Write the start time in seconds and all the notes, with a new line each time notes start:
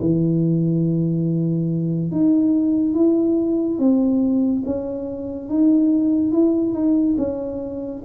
0.00 E3
2.11 D#4
2.95 E4
3.79 C4
4.66 C#4
5.49 D#4
6.32 E4
6.73 D#4
7.18 C#4